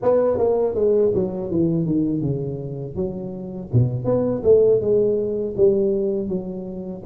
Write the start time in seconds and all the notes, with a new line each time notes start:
0.02 B3
0.37 A#3
0.74 G#3
1.14 F#3
1.50 E3
1.86 D#3
2.21 C#3
2.95 F#3
3.72 B2
4.04 B3
4.43 A3
4.80 G#3
5.56 G3
6.28 F#3